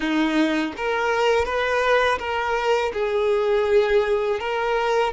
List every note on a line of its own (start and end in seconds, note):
0.00 0.73 D#4
0.76 1.45 A#4
1.45 2.18 B4
2.18 2.91 A#4
2.93 4.39 G#4
4.39 5.13 A#4